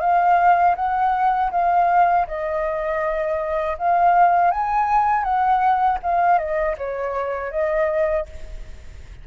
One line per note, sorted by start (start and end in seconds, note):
0.00 0.75 F5
0.75 1.50 F#5
1.51 2.26 F5
2.27 3.77 D#5
3.78 4.50 F5
4.50 5.23 G#5
5.23 5.98 F#5
6.03 6.38 F5
6.38 6.75 D#5
6.77 7.51 C#5
7.51 8.26 D#5